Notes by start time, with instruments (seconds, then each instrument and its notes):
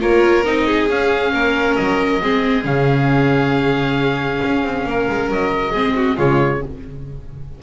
0.00 double bass A#3, viola F4, violin A#4, oboe C#5
0.45 double bass C4, viola D#4, oboe D#5
0.67 violin G#4
0.89 double bass C#4, viola C#4, oboe F5
1.33 double bass A#3, violin A#4
1.76 double bass F#3, oboe D#5
2.22 double bass G#3, viola C4, violin G#4
2.63 double bass C#3, viola C#4, oboe F5
4.44 double bass C#4
4.64 double bass C4
4.85 double bass A#3, violin A#4
5.09 double bass G#3
5.30 double bass F#3, oboe D#5
5.72 double bass G#3, viola C4, violin G#4
5.96 violin F#4
6.17 double bass C#3, viola G#3, violin F4, oboe C#5